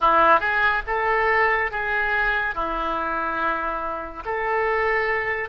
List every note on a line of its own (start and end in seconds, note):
0.00 0.40 E4
0.40 0.82 G#4
0.86 1.71 A4
1.71 2.54 G#4
2.54 4.23 E4
4.25 5.49 A4